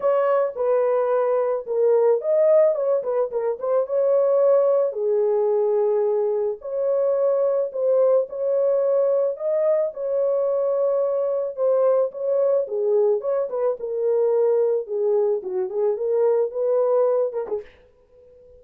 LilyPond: \new Staff \with { instrumentName = "horn" } { \time 4/4 \tempo 4 = 109 cis''4 b'2 ais'4 | dis''4 cis''8 b'8 ais'8 c''8 cis''4~ | cis''4 gis'2. | cis''2 c''4 cis''4~ |
cis''4 dis''4 cis''2~ | cis''4 c''4 cis''4 gis'4 | cis''8 b'8 ais'2 gis'4 | fis'8 gis'8 ais'4 b'4. ais'16 gis'16 | }